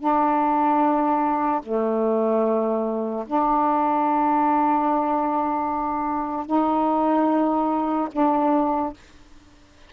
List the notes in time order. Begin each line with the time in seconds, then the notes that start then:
0.00 D4
1.63 A3
3.27 D4
6.47 D#4
8.12 D4